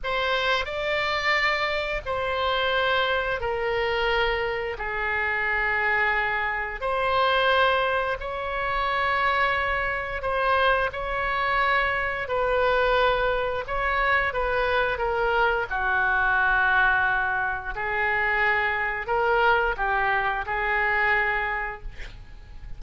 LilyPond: \new Staff \with { instrumentName = "oboe" } { \time 4/4 \tempo 4 = 88 c''4 d''2 c''4~ | c''4 ais'2 gis'4~ | gis'2 c''2 | cis''2. c''4 |
cis''2 b'2 | cis''4 b'4 ais'4 fis'4~ | fis'2 gis'2 | ais'4 g'4 gis'2 | }